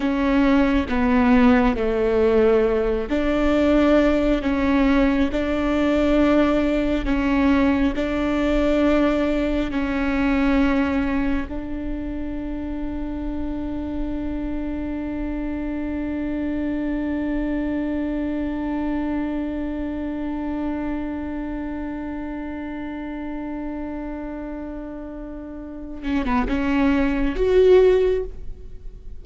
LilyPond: \new Staff \with { instrumentName = "viola" } { \time 4/4 \tempo 4 = 68 cis'4 b4 a4. d'8~ | d'4 cis'4 d'2 | cis'4 d'2 cis'4~ | cis'4 d'2.~ |
d'1~ | d'1~ | d'1~ | d'4. cis'16 b16 cis'4 fis'4 | }